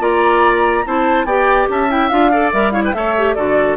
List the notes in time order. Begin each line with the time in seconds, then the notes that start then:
0.00 A#3 F4 D5 A#5
0.86 C4 E4 C5 A5
1.25 B3 G4 D5 G5
1.70 C#4 E5 A5
1.89 E4 G5
2.09 D4 F4 F5
2.32 A4 D5
2.53 G3 A#4 E5
2.72 E4 C#5 F5
2.84 B4 G5
2.93 A3 A4 C#5 E5
3.18 G4
3.34 D3 F#4 A4 D5